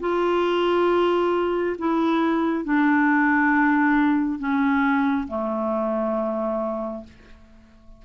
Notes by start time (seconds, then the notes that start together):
0.00 F4
1.78 E4
2.64 D4
4.39 C#4
5.27 A3